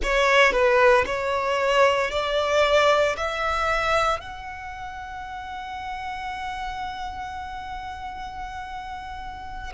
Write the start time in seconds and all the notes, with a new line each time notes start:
0.02 C#5
0.52 B4
1.05 C#5
2.11 D5
3.16 E5
4.20 F#5